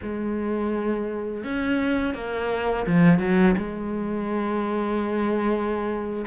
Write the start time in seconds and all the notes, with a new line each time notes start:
0.02 G#3
1.44 C#4
2.14 A#3
2.86 F3
3.19 F#3
3.57 G#3